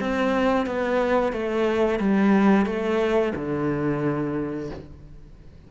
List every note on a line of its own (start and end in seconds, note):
0.00 0.66 C4
0.66 1.33 B3
1.33 1.99 A3
1.99 2.66 G3
2.66 3.33 A3
3.35 4.70 D3